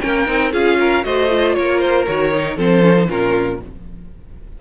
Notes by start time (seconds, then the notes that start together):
0.00 A#3 C#4 A#4 G5
0.26 C4 D#4
0.52 C#4 F4 G#4 F5
0.79 A#4
1.03 A3 F#4 C5 D#5
1.29 F4
1.54 A#3 A#4 C#5
1.79 C5
2.06 D#3 F#4 C#5
2.32 D#4
2.56 F3 C4 A4 C5
2.81 C#4
2.97 D#4
3.08 A#2 C#4 F4 A#4